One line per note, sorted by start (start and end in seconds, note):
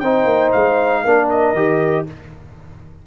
0.00 0.25 C4
0.00 1.06 D#4
0.00 1.03 C5
0.00 0.51 G5
0.25 0.51 A#3
0.53 1.05 G#3
0.53 1.29 F5
1.04 1.54 A#3
1.04 1.56 D4
1.04 2.06 A#4
1.30 2.07 D#5
1.54 2.05 D#3
1.54 2.07 G4